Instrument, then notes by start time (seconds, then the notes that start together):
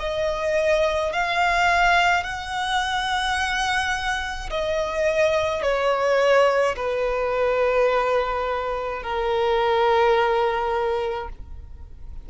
violin
0.00 D#5
1.13 F5
2.24 F#5
4.51 D#5
5.62 C#5
6.77 B4
9.03 A#4